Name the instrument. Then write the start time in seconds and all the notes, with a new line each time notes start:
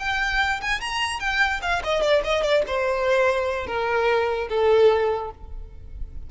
violin
0.00 G5
0.62 G#5
0.81 A#5
1.20 G5
1.62 F5
1.84 D#5
2.02 D5
2.25 D#5
2.43 D5
2.68 C5
3.67 A#4
4.49 A4